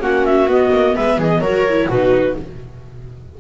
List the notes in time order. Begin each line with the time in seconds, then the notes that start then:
0.00 A#3 C#4 F#4 F#5
0.25 E5
0.47 B3 D#5
0.72 A#3
0.96 G#3 B4 E5
1.18 E3 G#4 D#5
1.39 F#3 F#4 A#4 C#5
1.69 E4
1.88 B2 D#4 F#4 B4